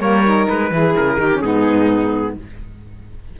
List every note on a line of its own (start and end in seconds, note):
0.00 0.47 G3
0.00 0.25 A#3
0.00 0.72 A#4
0.00 0.48 C#5
0.26 0.72 D#4
0.49 0.71 G#3
0.49 0.96 B4
0.71 0.95 E3
0.71 1.18 E4
0.71 1.21 G#4
0.96 1.18 C#3
0.96 1.42 A#4
1.18 1.42 D#3
1.18 1.29 D#4
1.18 1.44 G4
1.33 1.44 C#4
1.42 2.37 G#2
1.42 2.38 B3
1.42 2.40 D#4
1.42 2.36 G#4